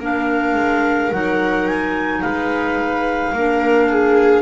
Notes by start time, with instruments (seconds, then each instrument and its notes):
0.00 double bass A#3, clarinet D4 F5, viola A#4
0.55 double bass G#3
1.12 double bass F#3, clarinet D#4 F#5
1.68 clarinet G#5
2.22 double bass G#3, viola B4, clarinet F5
3.34 double bass A#3, clarinet D4, viola A#4
3.90 viola G#4